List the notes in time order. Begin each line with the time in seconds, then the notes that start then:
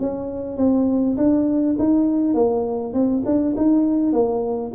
0.00 C#4
0.57 C4
1.17 D4
1.79 D#4
2.35 A#3
2.94 C4
3.26 D4
3.57 D#4
4.13 A#3